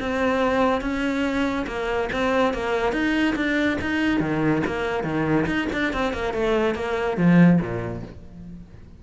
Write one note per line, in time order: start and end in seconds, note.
0.00 0.81 C4
0.81 1.66 C#4
1.67 2.09 A#3
2.13 2.54 C4
2.54 2.93 A#3
2.93 3.35 D#4
3.36 3.78 D4
3.81 4.20 D#4
4.20 4.62 D#3
4.66 5.04 A#3
5.04 5.46 D#3
5.46 5.68 D#4
5.73 5.93 D4
5.93 6.13 C4
6.13 6.34 A#3
6.34 6.75 A3
6.75 7.17 A#3
7.17 7.60 F3
7.61 8.03 A#2